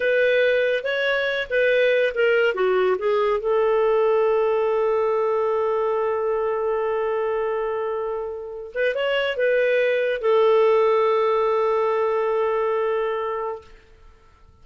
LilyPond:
\new Staff \with { instrumentName = "clarinet" } { \time 4/4 \tempo 4 = 141 b'2 cis''4. b'8~ | b'4 ais'4 fis'4 gis'4 | a'1~ | a'1~ |
a'1~ | a'8 b'8 cis''4 b'2 | a'1~ | a'1 | }